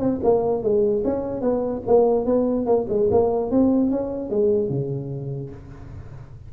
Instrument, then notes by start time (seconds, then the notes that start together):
tuba
0.00 C4
0.24 A#3
0.63 G#3
1.05 C#4
1.41 B3
1.87 A#3
2.26 B3
2.66 A#3
2.90 G#3
3.12 A#3
3.51 C4
3.91 C#4
4.30 G#3
4.70 C#3